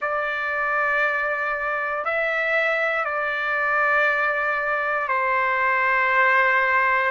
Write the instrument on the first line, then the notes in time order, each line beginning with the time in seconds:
trumpet
0.01 D5
2.04 E5
3.05 D5
5.08 C5